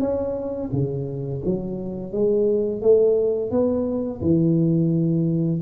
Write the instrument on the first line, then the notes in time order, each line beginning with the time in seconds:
tuba
0.00 C#4
0.73 C#3
1.46 F#3
2.12 G#3
2.82 A3
3.51 B3
4.21 E3